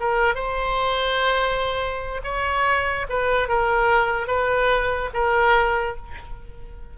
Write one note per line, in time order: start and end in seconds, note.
0.00 0.35 A#4
0.35 2.21 C5
2.23 3.06 C#5
3.09 3.48 B4
3.48 4.27 A#4
4.27 5.10 B4
5.13 5.96 A#4